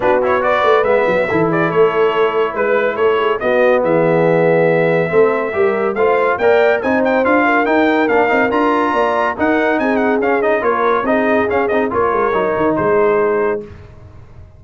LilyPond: <<
  \new Staff \with { instrumentName = "trumpet" } { \time 4/4 \tempo 4 = 141 b'8 cis''8 d''4 e''4. d''8 | cis''2 b'4 cis''4 | dis''4 e''2.~ | e''2 f''4 g''4 |
gis''8 g''8 f''4 g''4 f''4 | ais''2 fis''4 gis''8 fis''8 | f''8 dis''8 cis''4 dis''4 f''8 dis''8 | cis''2 c''2 | }
  \new Staff \with { instrumentName = "horn" } { \time 4/4 fis'4 b'2 a'8 gis'8 | a'2 b'4 a'8 gis'8 | fis'4 gis'2. | a'4 ais'4 c''4 d''4 |
c''4. ais'2~ ais'8~ | ais'4 d''4 ais'4 gis'4~ | gis'4 ais'4 gis'2 | ais'2 gis'2 | }
  \new Staff \with { instrumentName = "trombone" } { \time 4/4 d'8 e'8 fis'4 b4 e'4~ | e'1 | b1 | c'4 g'4 f'4 ais'4 |
dis'4 f'4 dis'4 d'8 dis'8 | f'2 dis'2 | cis'8 dis'8 f'4 dis'4 cis'8 dis'8 | f'4 dis'2. | }
  \new Staff \with { instrumentName = "tuba" } { \time 4/4 b4. a8 gis8 fis8 e4 | a2 gis4 a4 | b4 e2. | a4 g4 a4 ais4 |
c'4 d'4 dis'4 ais8 c'8 | d'4 ais4 dis'4 c'4 | cis'4 ais4 c'4 cis'8 c'8 | ais8 gis8 fis8 dis8 gis2 | }
>>